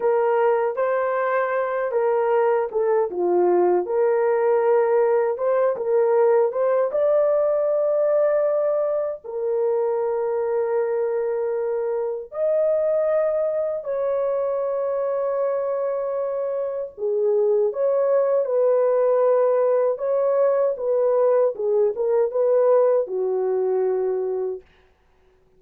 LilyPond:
\new Staff \with { instrumentName = "horn" } { \time 4/4 \tempo 4 = 78 ais'4 c''4. ais'4 a'8 | f'4 ais'2 c''8 ais'8~ | ais'8 c''8 d''2. | ais'1 |
dis''2 cis''2~ | cis''2 gis'4 cis''4 | b'2 cis''4 b'4 | gis'8 ais'8 b'4 fis'2 | }